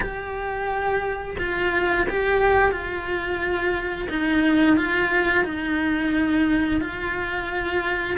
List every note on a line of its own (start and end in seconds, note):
0.00 1.36 G4
1.39 2.07 F4
2.09 2.71 G4
2.71 4.08 F4
4.09 4.76 D#4
4.76 5.44 F4
5.44 6.80 D#4
6.80 8.17 F4